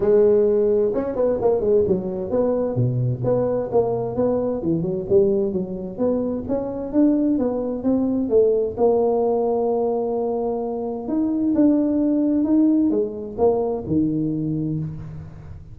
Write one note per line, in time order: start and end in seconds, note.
0.00 0.91 G#3
0.94 1.15 C#4
1.15 1.38 B3
1.41 1.60 A#3
1.60 1.83 G#3
1.87 2.30 F#3
2.30 2.75 B3
2.75 3.21 B2
3.23 3.70 B3
3.71 4.15 A#3
4.15 4.62 B3
4.62 4.82 E3
4.82 5.05 F#3
5.09 5.52 G3
5.52 5.98 F#3
5.98 6.44 B3
6.48 6.92 C#4
6.92 7.38 D4
7.38 7.83 B3
7.83 8.29 C4
8.29 8.75 A3
8.77 11.08 A#3
11.08 11.54 D#4
11.54 12.44 D4
12.44 12.90 D#4
12.90 13.36 G#3
13.37 13.84 A#3
13.86 14.79 D#3